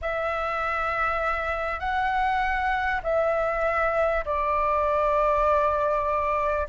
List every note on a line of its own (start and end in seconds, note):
0.01 1.79 E5
1.79 3.00 F#5
3.03 4.24 E5
4.25 6.67 D5